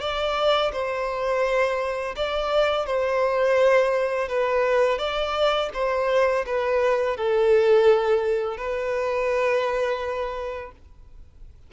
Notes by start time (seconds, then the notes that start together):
0.00 D5
0.72 C5
2.16 D5
2.86 C5
4.28 B4
4.98 D5
5.73 C5
6.46 B4
7.17 A4
8.57 B4